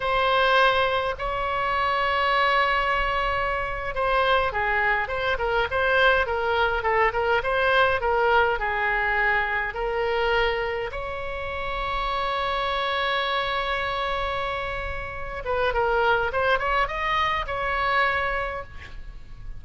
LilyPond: \new Staff \with { instrumentName = "oboe" } { \time 4/4 \tempo 4 = 103 c''2 cis''2~ | cis''2~ cis''8. c''4 gis'16~ | gis'8. c''8 ais'8 c''4 ais'4 a'16~ | a'16 ais'8 c''4 ais'4 gis'4~ gis'16~ |
gis'8. ais'2 cis''4~ cis''16~ | cis''1~ | cis''2~ cis''8 b'8 ais'4 | c''8 cis''8 dis''4 cis''2 | }